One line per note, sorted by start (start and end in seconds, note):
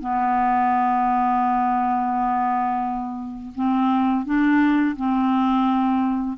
0.00 3.53 B3
3.55 4.25 C4
4.25 4.96 D4
4.96 6.37 C4